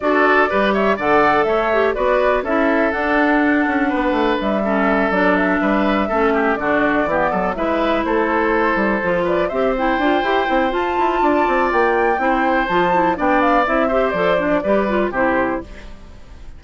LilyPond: <<
  \new Staff \with { instrumentName = "flute" } { \time 4/4 \tempo 4 = 123 d''4. e''8 fis''4 e''4 | d''4 e''4 fis''2~ | fis''4 e''4. d''8 e''4~ | e''4. d''2 e''8~ |
e''8 c''2~ c''8 d''8 e''8 | g''2 a''2 | g''2 a''4 g''8 f''8 | e''4 d''2 c''4 | }
  \new Staff \with { instrumentName = "oboe" } { \time 4/4 a'4 b'8 cis''8 d''4 cis''4 | b'4 a'2. | b'4. a'2 b'8~ | b'8 a'8 g'8 fis'4 g'8 a'8 b'8~ |
b'8 a'2~ a'8 b'8 c''8~ | c''2. d''4~ | d''4 c''2 d''4~ | d''8 c''4. b'4 g'4 | }
  \new Staff \with { instrumentName = "clarinet" } { \time 4/4 fis'4 g'4 a'4. g'8 | fis'4 e'4 d'2~ | d'4. cis'4 d'4.~ | d'8 cis'4 d'4 b4 e'8~ |
e'2~ e'8 f'4 g'8 | e'8 f'8 g'8 e'8 f'2~ | f'4 e'4 f'8 e'8 d'4 | e'8 g'8 a'8 d'8 g'8 f'8 e'4 | }
  \new Staff \with { instrumentName = "bassoon" } { \time 4/4 d'4 g4 d4 a4 | b4 cis'4 d'4. cis'8 | b8 a8 g4. fis4 g8~ | g8 a4 d4 e8 fis8 gis8~ |
gis8 a4. g8 f4 c'8~ | c'8 d'8 e'8 c'8 f'8 e'8 d'8 c'8 | ais4 c'4 f4 b4 | c'4 f4 g4 c4 | }
>>